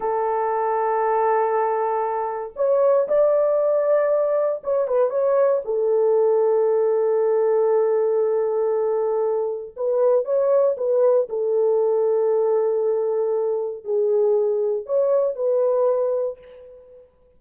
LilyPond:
\new Staff \with { instrumentName = "horn" } { \time 4/4 \tempo 4 = 117 a'1~ | a'4 cis''4 d''2~ | d''4 cis''8 b'8 cis''4 a'4~ | a'1~ |
a'2. b'4 | cis''4 b'4 a'2~ | a'2. gis'4~ | gis'4 cis''4 b'2 | }